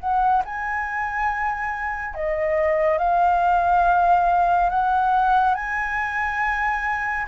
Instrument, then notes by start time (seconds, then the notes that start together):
flute
0.00 F#5
0.45 G#5
2.15 D#5
2.98 F5
4.70 F#5
5.55 G#5